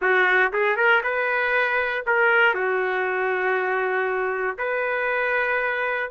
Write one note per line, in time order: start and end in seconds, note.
0.01 0.52 F#4
0.52 0.76 G#4
0.76 1.01 A#4
1.03 2.04 B4
2.06 2.54 A#4
2.54 4.57 F#4
4.57 6.10 B4